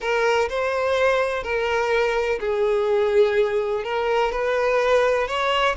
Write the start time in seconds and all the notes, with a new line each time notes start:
0.00 A#4
0.49 C5
1.43 A#4
2.40 G#4
3.84 A#4
4.32 B4
5.27 C#5